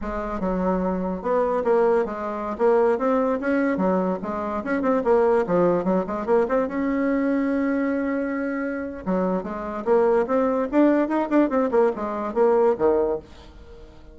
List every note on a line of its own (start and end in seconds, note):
0.01 0.40 G#3
0.40 1.22 F#3
1.22 1.63 B3
1.63 2.05 A#3
2.05 2.56 G#3
2.58 2.98 A#3
2.98 3.39 C4
3.40 3.77 C#4
3.77 4.18 F#3
4.22 4.63 G#3
4.63 4.82 C#4
4.82 5.02 C4
5.03 5.45 A#3
5.46 5.84 F3
5.84 6.04 F#3
6.06 6.26 G#3
6.26 6.46 A#3
6.48 6.68 C4
6.68 9.04 C#4
9.05 9.43 F#3
9.43 9.84 G#3
9.84 10.26 A#3
10.26 10.68 C4
10.71 11.08 D4
11.08 11.28 D#4
11.29 11.49 D4
11.49 11.70 C4
11.71 11.91 A#3
11.95 12.34 G#3
12.34 12.75 A#3
12.78 13.19 D#3